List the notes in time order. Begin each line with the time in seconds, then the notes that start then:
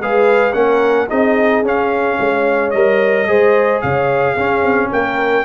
0.00 G#3 G#4 B4 F5
0.53 A#3 C#4 A#4 F#5
1.08 C4 D#4 G#4 D#5
1.62 C#4 F5
2.19 G#3 C#5
2.71 G3 A#4 D#5
3.28 G#3 G#4 C5
3.81 C#3 C#5 F5
4.32 C#4 G#4
4.62 C4
4.91 A#3 A#4 G5